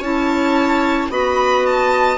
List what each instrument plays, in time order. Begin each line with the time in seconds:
0.00 bassoon C#4, clarinet E4, viola C#5, violin A5
1.10 bassoon B3, clarinet F#4, viola D#5, violin B5
1.66 violin A5